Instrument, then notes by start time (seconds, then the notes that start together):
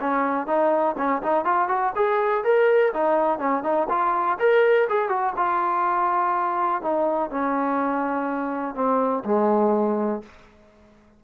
trombone
0.00 C#4
0.47 D#4
0.98 C#4
1.23 D#4
1.45 F4
1.69 F#4
1.96 G#4
2.44 A#4
2.94 D#4
3.39 C#4
3.63 D#4
3.89 F4
4.39 A#4
4.89 G#4
5.09 F#4
5.37 F4
6.82 D#4
7.31 C#4
8.75 C4
9.25 G#3